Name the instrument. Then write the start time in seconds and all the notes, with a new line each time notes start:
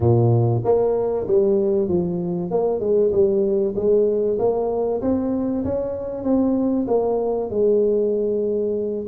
tuba
0.00 A#2
0.64 A#3
1.27 G3
1.88 F3
2.51 A#3
2.80 G#3
3.12 G3
3.75 G#3
4.38 A#3
5.01 C4
5.64 C#4
6.23 C4
6.88 A#3
7.50 G#3